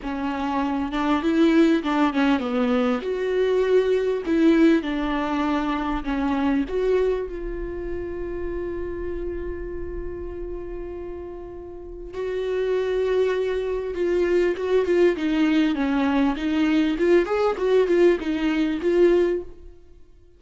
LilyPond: \new Staff \with { instrumentName = "viola" } { \time 4/4 \tempo 4 = 99 cis'4. d'8 e'4 d'8 cis'8 | b4 fis'2 e'4 | d'2 cis'4 fis'4 | f'1~ |
f'1 | fis'2. f'4 | fis'8 f'8 dis'4 cis'4 dis'4 | f'8 gis'8 fis'8 f'8 dis'4 f'4 | }